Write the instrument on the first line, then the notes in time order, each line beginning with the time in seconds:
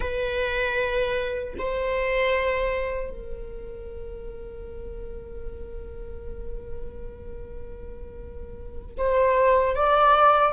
viola
0.00 B4
1.58 C5
3.10 A#4
8.97 C5
9.75 D5